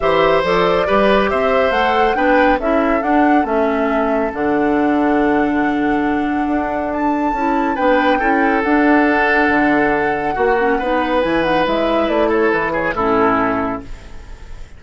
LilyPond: <<
  \new Staff \with { instrumentName = "flute" } { \time 4/4 \tempo 4 = 139 e''4 d''2 e''4 | fis''4 g''4 e''4 fis''4 | e''2 fis''2~ | fis''1 |
a''2 g''2 | fis''1~ | fis''2 gis''8 fis''8 e''4 | d''8 cis''8 b'8 cis''8 a'2 | }
  \new Staff \with { instrumentName = "oboe" } { \time 4/4 c''2 b'4 c''4~ | c''4 b'4 a'2~ | a'1~ | a'1~ |
a'2 b'4 a'4~ | a'1 | fis'4 b'2.~ | b'8 a'4 gis'8 e'2 | }
  \new Staff \with { instrumentName = "clarinet" } { \time 4/4 g'4 a'4 g'2 | a'4 d'4 e'4 d'4 | cis'2 d'2~ | d'1~ |
d'4 e'4 d'4 e'4 | d'1 | fis'8 cis'8 dis'4 e'8 dis'8 e'4~ | e'2 cis'2 | }
  \new Staff \with { instrumentName = "bassoon" } { \time 4/4 e4 f4 g4 c'4 | a4 b4 cis'4 d'4 | a2 d2~ | d2. d'4~ |
d'4 cis'4 b4 cis'4 | d'2 d2 | ais4 b4 e4 gis4 | a4 e4 a,2 | }
>>